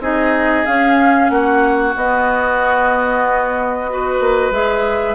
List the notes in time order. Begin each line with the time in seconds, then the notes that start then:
0.00 C4 D#4 G#4 D#5
0.66 C#4 F5
1.29 A#3 F#4 F#5
1.96 B3 D#5
3.90 F#4 B4
4.20 A#3
4.51 G#3 G#4 E5